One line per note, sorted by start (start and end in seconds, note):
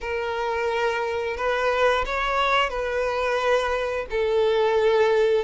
0.00 1.36 A#4
1.36 2.05 B4
2.05 2.69 C#5
2.69 4.06 B4
4.10 5.44 A4